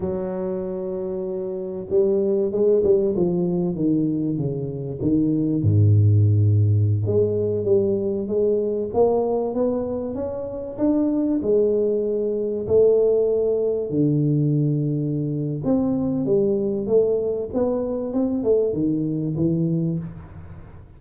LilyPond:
\new Staff \with { instrumentName = "tuba" } { \time 4/4 \tempo 4 = 96 fis2. g4 | gis8 g8 f4 dis4 cis4 | dis4 gis,2~ gis,16 gis8.~ | gis16 g4 gis4 ais4 b8.~ |
b16 cis'4 d'4 gis4.~ gis16~ | gis16 a2 d4.~ d16~ | d4 c'4 g4 a4 | b4 c'8 a8 dis4 e4 | }